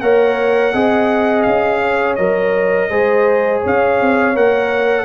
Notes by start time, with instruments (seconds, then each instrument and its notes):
0.00 tuba A#3, trombone A#4, horn C#5, trumpet F#5
0.73 tuba C4, trombone G#4, horn D#5
1.42 tuba C#4, trumpet F5
1.81 horn C#5
2.15 tuba F#3, trombone A#4, trumpet D#5
2.89 tuba G#3, trombone G#4, horn C5
3.60 tuba C#4, horn C#5
3.66 trumpet F5
4.00 tuba C4
4.34 tuba A#3, trombone A#4, trumpet F#5